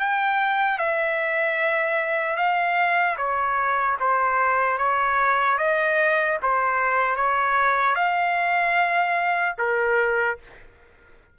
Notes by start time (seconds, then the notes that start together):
0.00 G5
0.79 E5
2.37 F5
3.17 C#5
4.00 C5
4.78 C#5
5.58 D#5
6.43 C5
7.16 C#5
7.96 F5
9.58 A#4